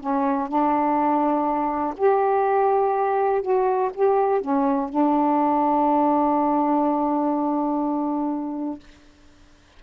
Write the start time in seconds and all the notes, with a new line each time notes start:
0.00 C#4
0.48 D4
1.97 G4
3.42 F#4
3.94 G4
4.41 C#4
4.89 D4